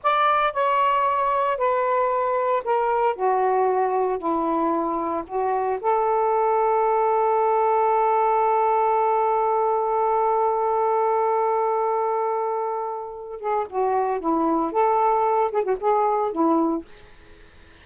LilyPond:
\new Staff \with { instrumentName = "saxophone" } { \time 4/4 \tempo 4 = 114 d''4 cis''2 b'4~ | b'4 ais'4 fis'2 | e'2 fis'4 a'4~ | a'1~ |
a'1~ | a'1~ | a'4. gis'8 fis'4 e'4 | a'4. gis'16 fis'16 gis'4 e'4 | }